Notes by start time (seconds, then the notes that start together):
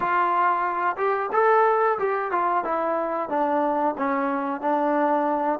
0.00 F4
0.97 G4
1.32 A4
1.98 G4
2.31 F4
2.64 E4
3.29 D4
3.97 C#4
4.60 D4